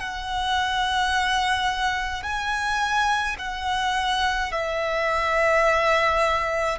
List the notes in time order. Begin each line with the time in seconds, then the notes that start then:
0.00 F#5
2.23 G#5
3.39 F#5
4.52 E5